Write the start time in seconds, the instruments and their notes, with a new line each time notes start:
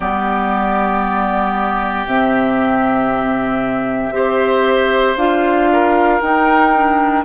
0.00 bassoon G3, clarinet B3, oboe G4, flute D5
2.06 bassoon C3, clarinet C4, flute E5
4.11 bassoon C4, clarinet G4, oboe C5
5.16 bassoon D4, clarinet F4, flute F5
5.72 oboe A#4
6.21 clarinet D#4, bassoon D#4, flute G5
6.74 clarinet D4